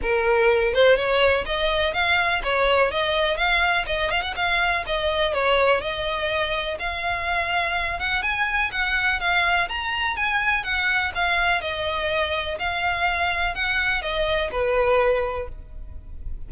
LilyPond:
\new Staff \with { instrumentName = "violin" } { \time 4/4 \tempo 4 = 124 ais'4. c''8 cis''4 dis''4 | f''4 cis''4 dis''4 f''4 | dis''8 f''16 fis''16 f''4 dis''4 cis''4 | dis''2 f''2~ |
f''8 fis''8 gis''4 fis''4 f''4 | ais''4 gis''4 fis''4 f''4 | dis''2 f''2 | fis''4 dis''4 b'2 | }